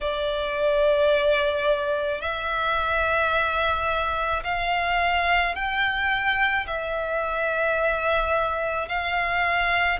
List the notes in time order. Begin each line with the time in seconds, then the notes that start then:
0.01 D5
2.21 E5
4.43 F5
5.55 G5
6.67 E5
8.88 F5